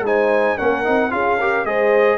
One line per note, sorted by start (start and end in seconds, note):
0.00 0.54 G#3
0.00 0.58 D#4
0.00 0.57 C5
0.00 0.58 G#5
0.57 0.87 A#3
0.57 0.84 C#4
0.57 1.11 A#4
0.57 1.11 F#5
0.84 1.12 C4
0.84 1.10 D#4
1.10 1.65 C#4
1.10 1.37 F4
1.10 1.40 G#4
1.10 1.65 F5
1.40 1.65 G4
1.40 1.67 A#4
1.65 2.18 G#3
1.65 2.18 G#4
1.65 2.18 C5
1.65 2.18 D#5